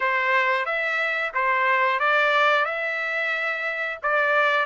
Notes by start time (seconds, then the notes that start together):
0.00 C5
0.65 E5
1.34 C5
1.99 D5
2.65 E5
4.02 D5